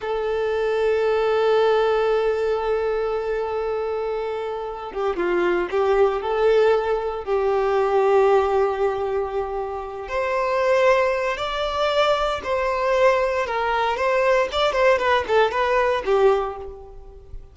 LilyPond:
\new Staff \with { instrumentName = "violin" } { \time 4/4 \tempo 4 = 116 a'1~ | a'1~ | a'4. g'8 f'4 g'4 | a'2 g'2~ |
g'2.~ g'8 c''8~ | c''2 d''2 | c''2 ais'4 c''4 | d''8 c''8 b'8 a'8 b'4 g'4 | }